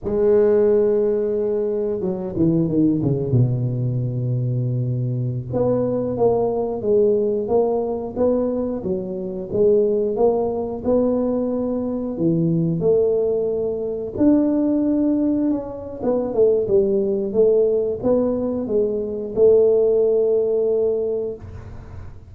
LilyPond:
\new Staff \with { instrumentName = "tuba" } { \time 4/4 \tempo 4 = 90 gis2. fis8 e8 | dis8 cis8 b,2.~ | b,16 b4 ais4 gis4 ais8.~ | ais16 b4 fis4 gis4 ais8.~ |
ais16 b2 e4 a8.~ | a4~ a16 d'2 cis'8. | b8 a8 g4 a4 b4 | gis4 a2. | }